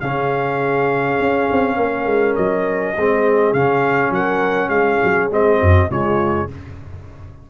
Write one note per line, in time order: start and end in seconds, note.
0.00 1.19 C#3
0.00 2.97 C#4
0.00 1.77 G#4
0.00 2.35 F5
1.19 1.49 C#4
1.52 1.77 C4
1.77 2.06 A#3
1.77 2.97 A#4
2.06 2.35 G#3
2.36 2.96 F#3
2.36 3.53 D#5
2.97 3.53 G#3
2.97 3.55 C4
2.97 4.14 G#4
3.53 4.11 C#3
3.53 5.31 C#4
3.53 4.12 F5
4.11 4.69 F#3
4.11 4.69 A#4
4.11 4.69 F#5
4.69 4.98 G#3
4.69 5.58 G#4
4.69 5.28 F5
5.04 5.31 F#3
5.31 5.60 G#3
5.31 5.90 C4
5.31 5.91 D#5
5.60 5.90 F#2
5.60 5.89 F#4
5.90 6.49 C#3
5.90 6.49 G#3
5.90 6.49 F4
5.90 6.50 C#5